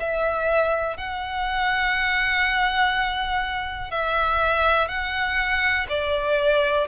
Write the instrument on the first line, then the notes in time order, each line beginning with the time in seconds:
violin
0.00 E5
0.97 F#5
3.91 E5
4.89 F#5
5.89 D5